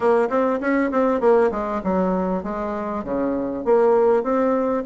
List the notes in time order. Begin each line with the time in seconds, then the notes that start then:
0.00 A#3
0.29 C4
0.60 C#4
0.91 C4
1.20 A#3
1.51 G#3
1.83 F#3
2.43 G#3
3.04 C#3
3.64 A#3
4.23 C4